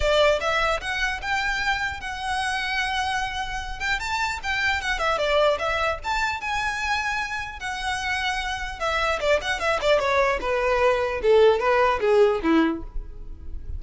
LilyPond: \new Staff \with { instrumentName = "violin" } { \time 4/4 \tempo 4 = 150 d''4 e''4 fis''4 g''4~ | g''4 fis''2.~ | fis''4. g''8 a''4 g''4 | fis''8 e''8 d''4 e''4 a''4 |
gis''2. fis''4~ | fis''2 e''4 d''8 fis''8 | e''8 d''8 cis''4 b'2 | a'4 b'4 gis'4 e'4 | }